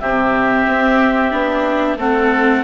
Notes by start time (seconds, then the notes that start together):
0.00 C3 C4 G4 E5
0.67 C4
1.31 B3 D4
1.96 A3 C4 A4 F#5